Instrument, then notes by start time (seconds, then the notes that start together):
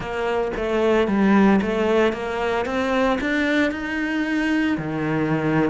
cello
0.00 A#3
0.56 A3
1.07 G3
1.61 A3
2.12 A#3
2.65 C4
3.20 D4
3.71 D#4
4.77 D#3